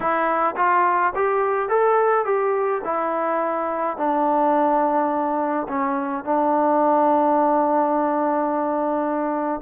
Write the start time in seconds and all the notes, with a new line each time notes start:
0.00 E4
0.56 F4
1.15 G4
1.69 A4
2.25 G4
2.84 E4
3.97 D4
5.68 C#4
6.24 D4